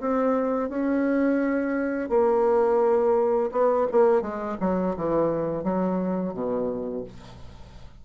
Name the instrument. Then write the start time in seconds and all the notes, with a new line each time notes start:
bassoon
0.00 C4
0.69 C#4
2.09 A#3
3.52 B3
3.91 A#3
4.22 G#3
4.60 F#3
4.96 E3
5.63 F#3
6.34 B2